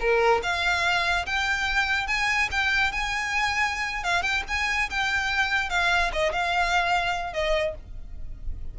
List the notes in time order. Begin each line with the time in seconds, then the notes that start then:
0.00 A#4
0.43 F5
1.26 G5
2.07 G#5
2.51 G5
2.92 G#5
4.04 F5
4.23 G5
4.48 G#5
4.90 G5
5.70 F5
6.13 D#5
6.33 F5
7.33 D#5